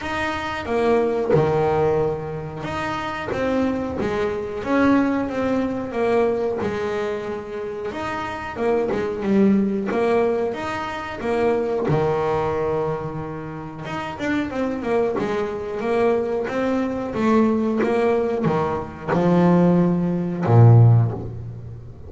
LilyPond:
\new Staff \with { instrumentName = "double bass" } { \time 4/4 \tempo 4 = 91 dis'4 ais4 dis2 | dis'4 c'4 gis4 cis'4 | c'4 ais4 gis2 | dis'4 ais8 gis8 g4 ais4 |
dis'4 ais4 dis2~ | dis4 dis'8 d'8 c'8 ais8 gis4 | ais4 c'4 a4 ais4 | dis4 f2 ais,4 | }